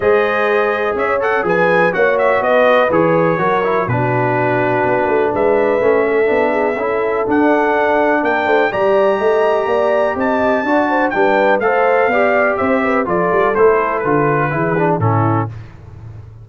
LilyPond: <<
  \new Staff \with { instrumentName = "trumpet" } { \time 4/4 \tempo 4 = 124 dis''2 e''8 fis''8 gis''4 | fis''8 e''8 dis''4 cis''2 | b'2. e''4~ | e''2. fis''4~ |
fis''4 g''4 ais''2~ | ais''4 a''2 g''4 | f''2 e''4 d''4 | c''4 b'2 a'4 | }
  \new Staff \with { instrumentName = "horn" } { \time 4/4 c''2 cis''4 b'4 | cis''4 b'2 ais'4 | fis'2. b'4~ | b'8 a'4 gis'8 a'2~ |
a'4 ais'8 c''8 d''4 dis''4 | d''4 dis''4 d''8 c''8 b'4 | c''4 d''4 c''8 b'8 a'4~ | a'2 gis'4 e'4 | }
  \new Staff \with { instrumentName = "trombone" } { \time 4/4 gis'2~ gis'8 a'8 gis'4 | fis'2 gis'4 fis'8 e'8 | d'1 | cis'4 d'4 e'4 d'4~ |
d'2 g'2~ | g'2 fis'4 d'4 | a'4 g'2 f'4 | e'4 f'4 e'8 d'8 cis'4 | }
  \new Staff \with { instrumentName = "tuba" } { \time 4/4 gis2 cis'4 f4 | ais4 b4 e4 fis4 | b,2 b8 a8 gis4 | a4 b4 cis'4 d'4~ |
d'4 ais8 a8 g4 a4 | ais4 c'4 d'4 g4 | a4 b4 c'4 f8 g8 | a4 d4 e4 a,4 | }
>>